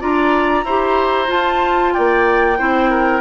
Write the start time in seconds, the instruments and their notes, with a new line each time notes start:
0.00 bassoon D4, clarinet F4, oboe D5, flute A#5
0.64 bassoon E4, clarinet G4, oboe C5
1.27 clarinet F4, bassoon F4, flute A5
1.93 bassoon A#3, oboe D5, flute G5
2.58 bassoon C4, clarinet E4, oboe C5
2.90 oboe A#4